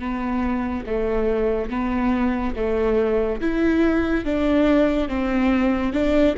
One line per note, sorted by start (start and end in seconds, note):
0.00 0.85 B3
0.87 1.71 A3
1.71 2.55 B3
2.56 3.40 A3
3.41 4.25 E4
4.25 5.09 D4
5.09 5.93 C4
5.93 6.35 D4